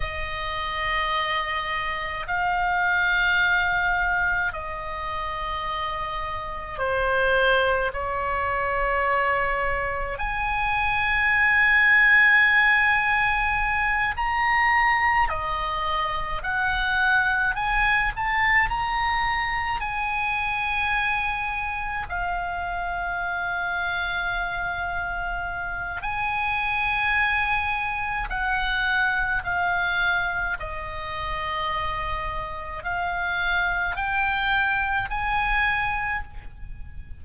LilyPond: \new Staff \with { instrumentName = "oboe" } { \time 4/4 \tempo 4 = 53 dis''2 f''2 | dis''2 c''4 cis''4~ | cis''4 gis''2.~ | gis''8 ais''4 dis''4 fis''4 gis''8 |
a''8 ais''4 gis''2 f''8~ | f''2. gis''4~ | gis''4 fis''4 f''4 dis''4~ | dis''4 f''4 g''4 gis''4 | }